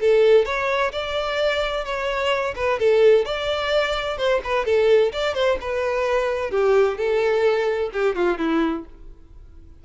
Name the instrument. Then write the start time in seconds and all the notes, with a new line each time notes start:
violin
0.00 A4
0.45 C#5
0.91 D5
1.84 C#5
2.55 B4
2.79 A4
3.25 D5
4.17 C5
4.44 B4
4.65 A4
5.12 D5
5.34 C5
5.60 B4
6.51 G4
6.97 A4
7.92 G4
8.15 F4
8.38 E4